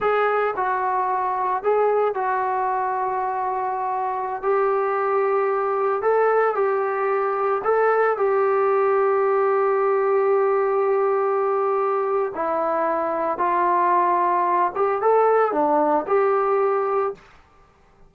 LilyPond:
\new Staff \with { instrumentName = "trombone" } { \time 4/4 \tempo 4 = 112 gis'4 fis'2 gis'4 | fis'1~ | fis'16 g'2. a'8.~ | a'16 g'2 a'4 g'8.~ |
g'1~ | g'2. e'4~ | e'4 f'2~ f'8 g'8 | a'4 d'4 g'2 | }